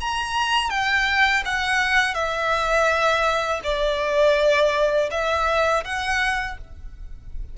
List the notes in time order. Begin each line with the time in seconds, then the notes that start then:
0.00 A#5
0.70 G5
1.45 F#5
2.14 E5
3.64 D5
5.11 E5
5.84 F#5